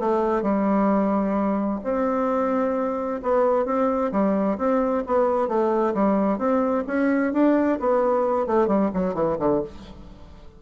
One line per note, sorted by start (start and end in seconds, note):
0.00 0.42 A3
0.42 1.80 G3
1.84 3.21 C4
3.22 3.66 B3
3.66 4.11 C4
4.12 4.57 G3
4.58 5.03 C4
5.07 5.48 B3
5.48 5.94 A3
5.94 6.38 G3
6.38 6.84 C4
6.87 7.33 C#4
7.33 7.79 D4
7.80 8.47 B3
8.47 8.67 A3
8.67 8.90 G3
8.94 9.14 F#3
9.14 9.37 E3
9.39 9.62 D3